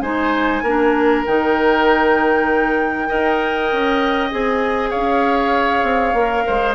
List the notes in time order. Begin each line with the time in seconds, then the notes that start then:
0.00 G#3 D#4 C5 G#5
0.62 A#3 D4 A#4
1.26 D#3 D#4 G5
3.07 D#4 A#4 D#5
3.72 C#4
4.30 C4 G#4 G#5
4.90 C#4 C#5 F5
5.83 C4
6.13 A#3 A#4
6.46 G#3 C5